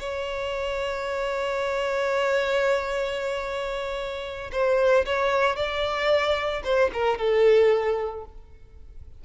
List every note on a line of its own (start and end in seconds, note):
0.00 4.51 C#5
4.53 5.06 C5
5.06 5.57 C#5
5.57 6.63 D5
6.64 6.91 C5
6.94 7.19 A#4
7.19 8.25 A4